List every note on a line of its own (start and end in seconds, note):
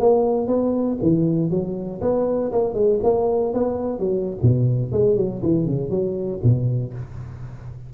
0.00 0.48 A#3
0.48 0.98 B3
1.03 1.51 E3
1.51 2.01 F#3
2.02 2.52 B3
2.52 2.75 A#3
2.75 3.00 G#3
3.04 3.54 A#3
3.54 4.00 B3
4.00 4.38 F#3
4.43 4.93 B2
4.93 5.17 G#3
5.17 5.42 F#3
5.43 5.66 E3
5.66 5.90 C#3
5.90 6.41 F#3
6.44 6.94 B2